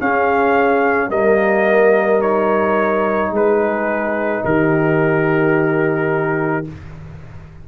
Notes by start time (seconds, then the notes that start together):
0.00 C#4 G#4 F5
1.08 G3 A#3 A#4 D#5
2.20 D#4 C#5
3.31 G#3 G#4 B4
4.45 D#3 G4 A#4